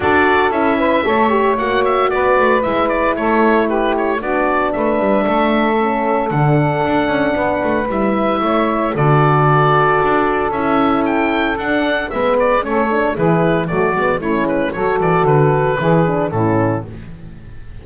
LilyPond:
<<
  \new Staff \with { instrumentName = "oboe" } { \time 4/4 \tempo 4 = 114 d''4 e''2 fis''8 e''8 | d''4 e''8 d''8 cis''4 b'8 cis''8 | d''4 e''2. | fis''2. e''4~ |
e''4 d''2. | e''4 g''4 fis''4 e''8 d''8 | cis''4 b'4 d''4 cis''8 b'8 | cis''8 d''8 b'2 a'4 | }
  \new Staff \with { instrumentName = "saxophone" } { \time 4/4 a'4. b'8 cis''2 | b'2 a'4 g'4 | fis'4 b'4 a'2~ | a'2 b'2 |
cis''4 a'2.~ | a'2. b'4 | a'4 gis'4 fis'4 e'4 | a'2 gis'4 e'4 | }
  \new Staff \with { instrumentName = "horn" } { \time 4/4 fis'4 e'4 a'8 g'8 fis'4~ | fis'4 e'2. | d'2. cis'4 | d'2. e'4~ |
e'4 fis'2. | e'2 d'4 b4 | cis'8 d'8 e'4 a8 b8 cis'4 | fis'2 e'8 d'8 cis'4 | }
  \new Staff \with { instrumentName = "double bass" } { \time 4/4 d'4 cis'4 a4 ais4 | b8 a8 gis4 a2 | b4 a8 g8 a2 | d4 d'8 cis'8 b8 a8 g4 |
a4 d2 d'4 | cis'2 d'4 gis4 | a4 e4 fis8 gis8 a8 gis8 | fis8 e8 d4 e4 a,4 | }
>>